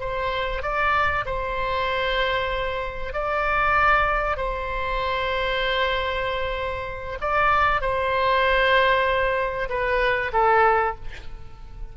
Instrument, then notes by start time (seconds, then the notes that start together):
oboe
0.00 C5
0.62 D5
1.26 C5
3.13 D5
4.37 C5
7.21 D5
7.81 C5
9.69 B4
10.33 A4